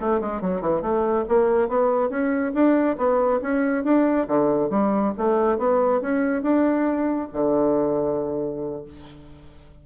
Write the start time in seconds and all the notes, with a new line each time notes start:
0.00 A3
0.20 G#3
0.41 F#3
0.61 E3
0.82 A3
1.28 A#3
1.68 B3
2.09 C#4
2.54 D4
2.97 B3
3.42 C#4
3.84 D4
4.27 D3
4.70 G3
5.18 A3
5.58 B3
6.01 C#4
6.42 D4
7.33 D3